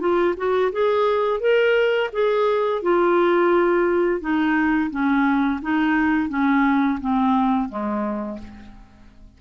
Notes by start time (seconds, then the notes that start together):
0.00 F4
0.37 F#4
0.72 G#4
1.40 A#4
2.13 G#4
2.83 F4
4.21 D#4
4.91 C#4
5.62 D#4
6.29 C#4
7.01 C4
7.69 G#3